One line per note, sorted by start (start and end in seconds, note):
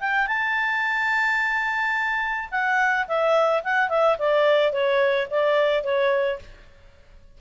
0.00 0.27 G5
0.27 2.49 A5
2.51 3.07 F#5
3.07 3.63 E5
3.64 3.89 F#5
3.89 4.17 E5
4.18 4.72 D5
4.72 5.28 C#5
5.30 5.84 D5
5.84 6.39 C#5